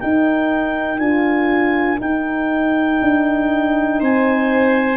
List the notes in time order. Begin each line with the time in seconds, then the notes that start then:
0.00 D#4 A#4 G5
0.99 D4 F4 G#5
2.00 D#4 G5
3.01 D4
4.00 C4 C5 G#5